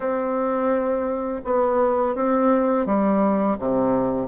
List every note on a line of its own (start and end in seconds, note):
0.00 1.41 C4
1.44 2.15 B3
2.15 2.86 C4
2.86 3.57 G3
3.58 4.27 C3